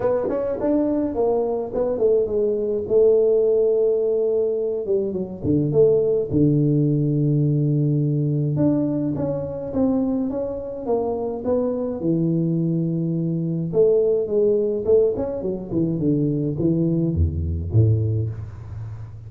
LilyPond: \new Staff \with { instrumentName = "tuba" } { \time 4/4 \tempo 4 = 105 b8 cis'8 d'4 ais4 b8 a8 | gis4 a2.~ | a8 g8 fis8 d8 a4 d4~ | d2. d'4 |
cis'4 c'4 cis'4 ais4 | b4 e2. | a4 gis4 a8 cis'8 fis8 e8 | d4 e4 e,4 a,4 | }